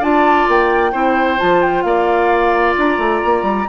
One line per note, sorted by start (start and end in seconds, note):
0.00 0.47 D4
0.00 0.92 F4
0.00 0.92 D5
0.00 0.49 A5
0.49 0.94 A#3
0.49 1.40 G5
0.92 1.40 C4
0.92 1.38 E4
0.92 1.84 C5
1.38 1.84 F3
1.38 3.67 F4
1.38 1.63 A5
1.63 1.82 G5
1.82 2.76 A#3
1.82 3.69 D5
1.82 2.74 F5
2.78 2.98 D4
2.78 3.69 A#5
2.98 3.21 A3
3.25 3.43 A#3
3.43 3.66 G3